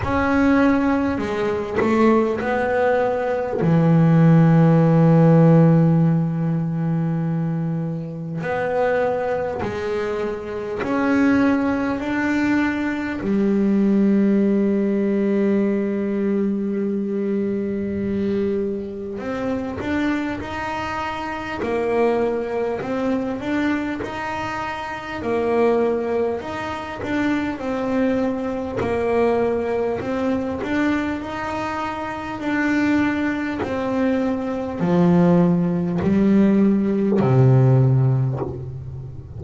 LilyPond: \new Staff \with { instrumentName = "double bass" } { \time 4/4 \tempo 4 = 50 cis'4 gis8 a8 b4 e4~ | e2. b4 | gis4 cis'4 d'4 g4~ | g1 |
c'8 d'8 dis'4 ais4 c'8 d'8 | dis'4 ais4 dis'8 d'8 c'4 | ais4 c'8 d'8 dis'4 d'4 | c'4 f4 g4 c4 | }